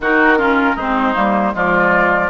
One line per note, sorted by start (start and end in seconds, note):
0.00 0.75 D#3
0.00 0.37 D#4
0.00 0.38 F#4
0.00 0.78 A#4
0.37 0.75 C#4
0.37 0.75 F4
0.75 1.14 G#3
0.75 1.14 C4
0.75 1.52 D#4
0.75 1.55 C5
1.14 1.54 G3
1.14 1.52 A#3
1.52 2.29 F3
1.52 2.29 G#3
1.52 2.29 F4
1.52 2.29 D5